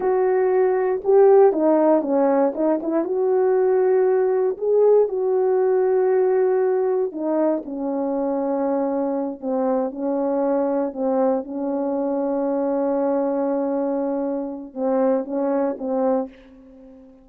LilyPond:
\new Staff \with { instrumentName = "horn" } { \time 4/4 \tempo 4 = 118 fis'2 g'4 dis'4 | cis'4 dis'8 e'8 fis'2~ | fis'4 gis'4 fis'2~ | fis'2 dis'4 cis'4~ |
cis'2~ cis'8 c'4 cis'8~ | cis'4. c'4 cis'4.~ | cis'1~ | cis'4 c'4 cis'4 c'4 | }